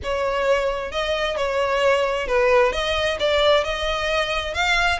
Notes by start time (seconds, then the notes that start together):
0.03 C#5
0.91 D#5
1.36 C#5
2.27 B4
2.72 D#5
3.19 D5
3.64 D#5
4.54 F5